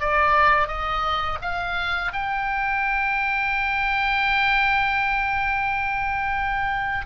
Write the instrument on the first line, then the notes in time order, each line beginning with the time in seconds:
oboe
0.00 D5
0.68 D#5
1.42 F5
2.13 G5